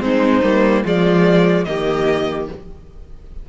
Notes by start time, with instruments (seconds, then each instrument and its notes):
0.00 cello G#3, viola C4, violin D#4 C5
0.43 cello G3, viola A#3
0.84 cello F3, viola G#3, violin F4 D5
1.64 cello D#3, viola A#3, violin G4 D#5